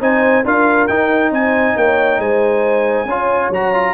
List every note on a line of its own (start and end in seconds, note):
0.00 0.44 C4
0.00 0.44 D#4
0.00 0.44 C5
0.00 0.45 G#5
0.44 0.88 D4
0.44 0.88 F4
0.44 1.31 A#4
0.44 0.87 F5
0.87 3.07 D#4
0.87 1.31 D#4
0.87 1.31 G5
1.31 1.75 C4
1.31 1.76 C5
1.31 1.77 G#5
1.76 2.18 A#3
1.76 2.20 C#5
1.76 2.20 G5
2.18 3.05 G#3
2.18 3.07 C5
2.18 3.51 G#5
3.05 3.48 C#4
3.05 3.53 F4
3.05 3.94 C#5
3.50 3.94 F#3
3.50 3.74 F#4
3.50 3.94 A#5
3.74 3.94 F4